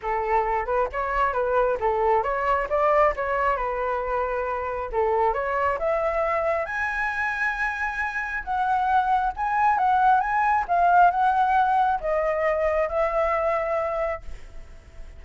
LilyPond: \new Staff \with { instrumentName = "flute" } { \time 4/4 \tempo 4 = 135 a'4. b'8 cis''4 b'4 | a'4 cis''4 d''4 cis''4 | b'2. a'4 | cis''4 e''2 gis''4~ |
gis''2. fis''4~ | fis''4 gis''4 fis''4 gis''4 | f''4 fis''2 dis''4~ | dis''4 e''2. | }